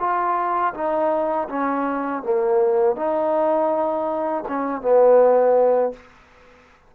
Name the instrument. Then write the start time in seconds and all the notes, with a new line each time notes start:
trombone
0.00 F4
0.75 D#4
1.49 C#4
2.23 A#3
2.96 D#4
4.48 C#4
4.82 B3